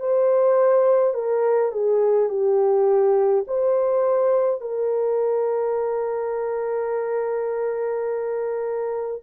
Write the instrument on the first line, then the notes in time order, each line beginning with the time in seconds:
horn
0.00 C5
1.14 A#4
1.73 G#4
2.30 G4
3.48 C5
4.61 A#4